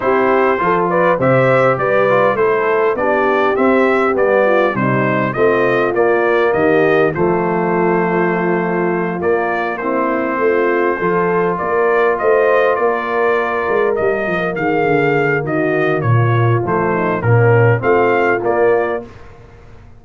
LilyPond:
<<
  \new Staff \with { instrumentName = "trumpet" } { \time 4/4 \tempo 4 = 101 c''4. d''8 e''4 d''4 | c''4 d''4 e''4 d''4 | c''4 dis''4 d''4 dis''4 | c''2.~ c''8 d''8~ |
d''8 c''2. d''8~ | d''8 dis''4 d''2 dis''8~ | dis''8 f''4. dis''4 cis''4 | c''4 ais'4 f''4 d''4 | }
  \new Staff \with { instrumentName = "horn" } { \time 4/4 g'4 a'8 b'8 c''4 b'4 | a'4 g'2~ g'8 f'8 | dis'4 f'2 g'4 | f'1~ |
f'8 e'4 f'4 a'4 ais'8~ | ais'8 c''4 ais'2~ ais'8~ | ais'8 gis'4. fis'4 f'4~ | f'8 dis'8 cis'4 f'2 | }
  \new Staff \with { instrumentName = "trombone" } { \time 4/4 e'4 f'4 g'4. f'8 | e'4 d'4 c'4 b4 | g4 c'4 ais2 | a2.~ a8 ais8~ |
ais8 c'2 f'4.~ | f'2.~ f'8 ais8~ | ais1 | a4 ais4 c'4 ais4 | }
  \new Staff \with { instrumentName = "tuba" } { \time 4/4 c'4 f4 c4 g4 | a4 b4 c'4 g4 | c4 a4 ais4 dis4 | f2.~ f8 ais8~ |
ais4. a4 f4 ais8~ | ais8 a4 ais4. gis8 g8 | f8 dis8 d4 dis4 ais,4 | f4 ais,4 a4 ais4 | }
>>